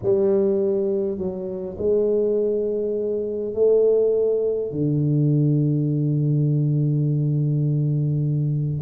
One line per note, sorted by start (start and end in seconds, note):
0.02 1.17 G3
1.17 1.76 F#3
1.78 3.53 G#3
3.53 4.71 A3
4.71 8.82 D3